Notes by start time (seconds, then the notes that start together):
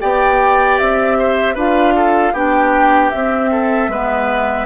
0.00 B3 G4 D5 G5
0.78 C4 E5
1.18 C5
1.54 D4 F4 B4 F5
1.95 A4
2.32 B3 D4 G4 G5
3.10 C4 E5
3.51 A4
3.87 G#3 B3 B4